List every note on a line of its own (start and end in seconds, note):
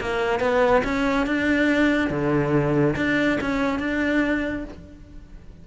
0.00 0.40 A#3
0.40 0.82 B3
0.84 1.26 C#4
1.26 2.10 D4
2.10 2.95 D3
2.96 3.38 D4
3.40 3.79 C#4
3.79 4.64 D4